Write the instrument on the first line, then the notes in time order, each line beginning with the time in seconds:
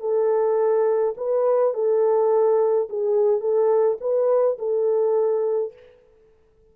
horn
0.00 A4
1.17 B4
1.74 A4
2.89 G#4
3.41 A4
4.00 B4
4.58 A4